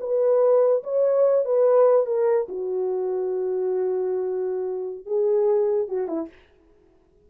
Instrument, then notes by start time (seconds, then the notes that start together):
horn
0.00 B4
0.83 C#5
1.45 B4
2.06 A#4
2.48 F#4
5.06 G#4
5.88 F#4
6.08 E4